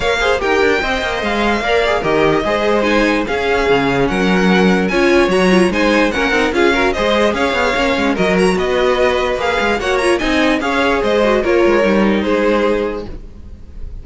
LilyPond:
<<
  \new Staff \with { instrumentName = "violin" } { \time 4/4 \tempo 4 = 147 f''4 g''2 f''4~ | f''4 dis''2 gis''4 | f''2 fis''2 | gis''4 ais''4 gis''4 fis''4 |
f''4 dis''4 f''2 | dis''8 ais''8 dis''2 f''4 | fis''8 ais''8 gis''4 f''4 dis''4 | cis''2 c''2 | }
  \new Staff \with { instrumentName = "violin" } { \time 4/4 cis''8 c''8 ais'4 dis''2 | d''4 ais'4 c''2 | gis'2 ais'2 | cis''2 c''4 ais'4 |
gis'8 ais'8 c''4 cis''2 | ais'4 b'2. | cis''4 dis''4 cis''4 c''4 | ais'2 gis'2 | }
  \new Staff \with { instrumentName = "viola" } { \time 4/4 ais'8 gis'8 g'4 c''2 | ais'8 gis'8 g'4 gis'4 dis'4 | cis'1 | f'4 fis'8 f'8 dis'4 cis'8 dis'8 |
f'8 fis'8 gis'2 cis'4 | fis'2. gis'4 | fis'8 f'8 dis'4 gis'4. fis'8 | f'4 dis'2. | }
  \new Staff \with { instrumentName = "cello" } { \time 4/4 ais4 dis'8 d'8 c'8 ais8 gis4 | ais4 dis4 gis2 | cis'4 cis4 fis2 | cis'4 fis4 gis4 ais8 c'8 |
cis'4 gis4 cis'8 b8 ais8 gis8 | fis4 b2 ais8 gis8 | ais4 c'4 cis'4 gis4 | ais8 gis8 g4 gis2 | }
>>